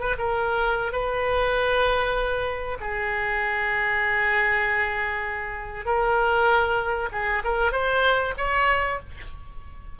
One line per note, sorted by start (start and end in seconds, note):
0.00 0.15 B4
0.18 0.93 A#4
0.93 2.78 B4
2.80 5.85 G#4
5.85 7.09 A#4
7.12 7.43 G#4
7.44 7.72 A#4
7.72 8.34 C5
8.38 8.99 C#5